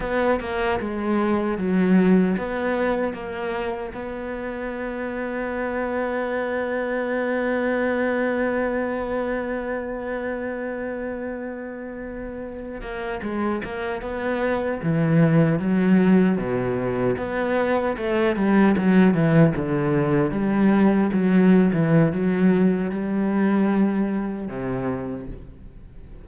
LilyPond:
\new Staff \with { instrumentName = "cello" } { \time 4/4 \tempo 4 = 76 b8 ais8 gis4 fis4 b4 | ais4 b2.~ | b1~ | b1~ |
b16 ais8 gis8 ais8 b4 e4 fis16~ | fis8. b,4 b4 a8 g8 fis16~ | fis16 e8 d4 g4 fis8. e8 | fis4 g2 c4 | }